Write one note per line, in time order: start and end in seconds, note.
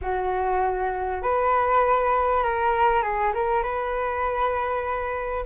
0.01 1.22 F#4
1.22 2.43 B4
2.43 3.02 A#4
3.02 3.33 G#4
3.33 3.63 A#4
3.63 5.44 B4